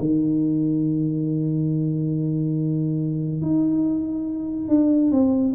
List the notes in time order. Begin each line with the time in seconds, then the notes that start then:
0.00 D#3
3.42 D#4
4.69 D4
5.12 C4